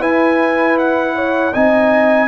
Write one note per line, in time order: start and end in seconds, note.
0.00 1.52 E4
0.00 1.53 E4
0.00 1.14 B4
0.00 0.78 G#5
0.78 1.54 F#5
1.15 1.53 C#5
1.53 2.28 C4
1.53 2.28 D#4
1.53 2.28 D#5
1.53 2.28 G#5